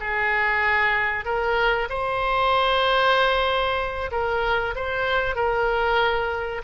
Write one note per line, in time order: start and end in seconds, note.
0.00 1.25 G#4
1.25 1.88 A#4
1.89 4.10 C5
4.11 4.75 A#4
4.75 5.35 C5
5.35 6.61 A#4